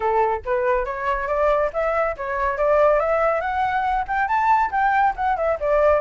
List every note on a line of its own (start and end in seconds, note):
0.00 0.41 A4
0.45 0.85 B4
0.85 1.27 C#5
1.27 1.70 D5
1.73 2.16 E5
2.16 2.57 C#5
2.57 2.99 D5
2.99 3.40 E5
3.40 4.05 F#5
4.07 4.28 G5
4.28 4.70 A5
4.71 5.14 G5
5.15 5.36 F#5
5.36 5.58 E5
5.60 6.00 D5